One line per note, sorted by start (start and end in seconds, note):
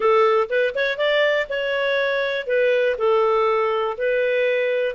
0.00 0.48 A4
0.49 0.74 B4
0.74 0.97 C#5
0.97 1.47 D5
1.49 2.47 C#5
2.47 2.96 B4
2.98 3.97 A4
3.97 4.95 B4